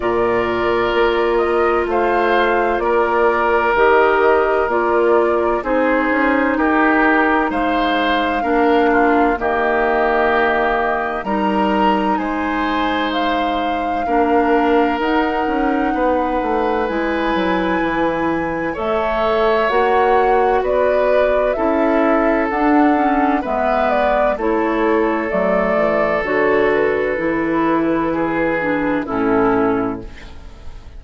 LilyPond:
<<
  \new Staff \with { instrumentName = "flute" } { \time 4/4 \tempo 4 = 64 d''4. dis''8 f''4 d''4 | dis''4 d''4 c''4 ais'4 | f''2 dis''2 | ais''4 gis''4 f''2 |
fis''2 gis''2 | e''4 fis''4 d''4 e''4 | fis''4 e''8 d''8 cis''4 d''4 | cis''8 b'2~ b'8 a'4 | }
  \new Staff \with { instrumentName = "oboe" } { \time 4/4 ais'2 c''4 ais'4~ | ais'2 gis'4 g'4 | c''4 ais'8 f'8 g'2 | ais'4 c''2 ais'4~ |
ais'4 b'2. | cis''2 b'4 a'4~ | a'4 b'4 a'2~ | a'2 gis'4 e'4 | }
  \new Staff \with { instrumentName = "clarinet" } { \time 4/4 f'1 | g'4 f'4 dis'2~ | dis'4 d'4 ais2 | dis'2. d'4 |
dis'2 e'2 | a'4 fis'2 e'4 | d'8 cis'8 b4 e'4 a4 | fis'4 e'4. d'8 cis'4 | }
  \new Staff \with { instrumentName = "bassoon" } { \time 4/4 ais,4 ais4 a4 ais4 | dis4 ais4 c'8 cis'8 dis'4 | gis4 ais4 dis2 | g4 gis2 ais4 |
dis'8 cis'8 b8 a8 gis8 fis8 e4 | a4 ais4 b4 cis'4 | d'4 gis4 a4 fis8 e8 | d4 e2 a,4 | }
>>